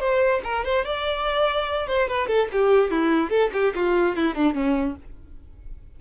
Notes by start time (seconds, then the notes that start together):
0.00 C5
0.44 A#4
0.65 C5
0.85 D5
1.88 C5
2.09 B4
2.28 A4
2.52 G4
2.91 E4
3.30 A4
3.53 G4
3.75 F4
4.16 E4
4.35 D4
4.54 C#4